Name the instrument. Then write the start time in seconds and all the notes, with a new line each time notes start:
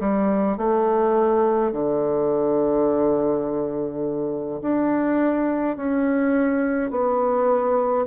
bassoon
0.00 G3
0.58 A3
1.73 D3
4.62 D4
5.77 C#4
6.91 B3